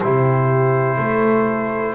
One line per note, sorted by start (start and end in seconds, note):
0.00 0.98 C3
0.00 1.95 E4
0.00 0.98 G4
0.00 1.95 C5
0.98 1.95 A3
0.98 1.95 A4